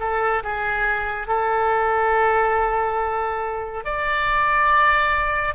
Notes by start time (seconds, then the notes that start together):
0.00 A4
0.43 G#4
1.27 A4
3.85 D5